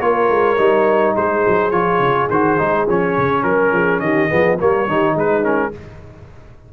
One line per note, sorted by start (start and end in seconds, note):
0.00 0.29 A#3
0.00 0.57 F4
0.00 1.15 A#4
0.00 1.15 C#5
0.29 0.58 G#3
0.57 1.16 G3
0.57 1.72 D#4
1.16 1.45 G#3
1.16 3.45 G#4
1.16 1.71 C5
1.48 1.72 F#3
1.71 2.00 F3
1.71 2.29 F4
1.71 2.28 C#5
2.00 2.28 C#3
2.30 2.59 D#3
2.30 2.58 F#4
2.30 2.87 C5
2.58 2.88 G#3
2.58 2.87 D#4
2.88 3.17 F3
2.88 4.30 C#4
2.88 3.43 C#5
3.18 3.44 C#3
3.43 3.72 F#3
3.43 4.00 A#4
3.43 3.73 A#4
3.72 4.00 F3
3.72 4.02 G#4
4.00 4.29 D#3
4.00 4.29 G4
4.00 4.57 D#5
4.29 4.61 F3
4.29 4.58 B3
4.29 4.57 G#4
4.59 4.88 G3
4.59 4.88 A#3
4.59 4.88 A#4
4.59 5.18 C#5
4.88 5.15 D#3
4.88 5.43 D#4
4.88 5.12 G4
5.12 5.72 G#3
5.12 5.70 D#4
5.18 5.45 B4
5.43 5.72 C#4
5.43 5.73 A#4